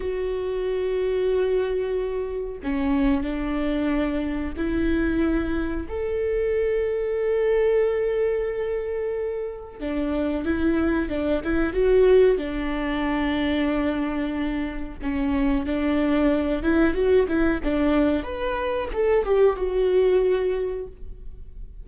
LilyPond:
\new Staff \with { instrumentName = "viola" } { \time 4/4 \tempo 4 = 92 fis'1 | cis'4 d'2 e'4~ | e'4 a'2.~ | a'2. d'4 |
e'4 d'8 e'8 fis'4 d'4~ | d'2. cis'4 | d'4. e'8 fis'8 e'8 d'4 | b'4 a'8 g'8 fis'2 | }